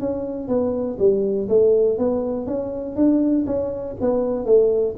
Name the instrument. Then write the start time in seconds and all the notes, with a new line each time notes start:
tuba
0.00 C#4
0.48 B3
0.99 G3
1.49 A3
1.98 B3
2.47 C#4
2.96 D4
3.46 C#4
4.01 B3
4.45 A3